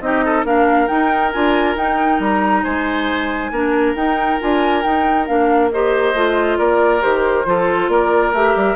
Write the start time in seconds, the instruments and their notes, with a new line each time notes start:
0.00 bassoon C4, clarinet D#4, oboe G4, flute D#5
0.24 oboe A4
0.44 bassoon A#3, clarinet D4, oboe A#4, flute F5
0.87 clarinet D#4, bassoon D#4, flute G5
1.32 bassoon D4, clarinet F4, flute G#5
1.75 bassoon D#4, clarinet D#4, flute G5
2.19 bassoon G3, flute A#5
2.63 bassoon G#3, oboe C5, flute G#5
3.51 bassoon A#3, clarinet D4, oboe A#4
3.95 bassoon D#4, clarinet D#4, flute G5
4.39 bassoon D4, clarinet F4, flute G#5
4.82 clarinet D#4, bassoon D#4, flute G5
5.26 bassoon A#3, clarinet D4, flute F5
5.71 clarinet G4, oboe C5, flute D#5
6.14 bassoon A3, clarinet F4
6.58 bassoon A#3, oboe A#4, flute D5
7.00 bassoon D#3, clarinet G4, flute C5
7.45 bassoon F3, clarinet F4, oboe A4
7.88 bassoon A#3, oboe A#4, flute D5
8.33 bassoon A3, clarinet G4, flute E5
8.55 bassoon G3